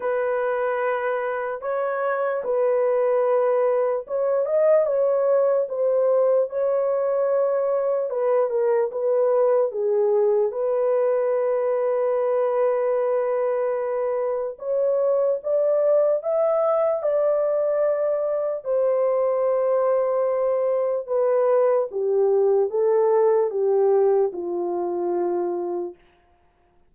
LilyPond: \new Staff \with { instrumentName = "horn" } { \time 4/4 \tempo 4 = 74 b'2 cis''4 b'4~ | b'4 cis''8 dis''8 cis''4 c''4 | cis''2 b'8 ais'8 b'4 | gis'4 b'2.~ |
b'2 cis''4 d''4 | e''4 d''2 c''4~ | c''2 b'4 g'4 | a'4 g'4 f'2 | }